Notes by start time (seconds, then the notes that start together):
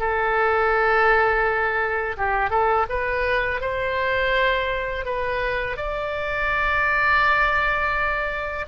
0.00 A4
2.18 G4
2.50 A4
2.89 B4
3.61 C5
5.05 B4
5.77 D5